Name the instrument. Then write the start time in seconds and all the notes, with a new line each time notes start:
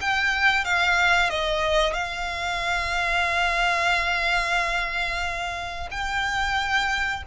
violin
0.00 G5
0.64 F5
1.29 D#5
1.93 F5
5.90 G5